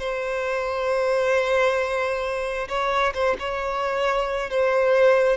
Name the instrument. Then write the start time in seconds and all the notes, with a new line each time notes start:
violin
0.00 C5
2.69 C#5
3.14 C5
3.39 C#5
4.51 C5